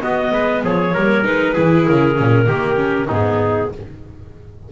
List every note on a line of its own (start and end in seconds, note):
0.00 0.92 B3
0.00 0.31 B3
0.00 0.32 F#4
0.00 0.62 D#5
0.31 0.62 G#3
0.31 0.63 B4
0.63 0.94 F3
0.63 0.93 G#4
0.63 1.24 C#5
0.93 1.25 G3
0.93 1.23 A#3
0.93 1.53 A#4
1.23 1.56 G#3
1.23 1.54 D#4
1.23 1.86 B4
1.53 1.88 E3
1.53 2.14 E4
1.53 2.45 G#4
1.86 2.19 C#3
1.86 3.08 A#4
2.14 2.46 A#2
2.14 2.45 C#4
2.46 3.08 D#3
2.46 2.76 A#3
2.46 3.07 G4
2.76 3.06 C#4
3.07 3.71 G#2
3.07 3.70 B3
3.07 3.69 D#4
3.07 3.72 G#4